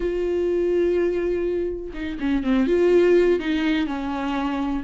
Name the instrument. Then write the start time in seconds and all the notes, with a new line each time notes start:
viola
0.00 F4
1.93 D#4
2.20 C#4
2.43 C4
2.67 F4
3.39 D#4
3.86 C#4